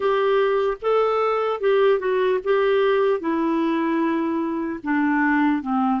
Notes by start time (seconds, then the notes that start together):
0.00 G4
0.81 A4
1.60 G4
1.99 F#4
2.44 G4
3.20 E4
4.83 D4
5.62 C4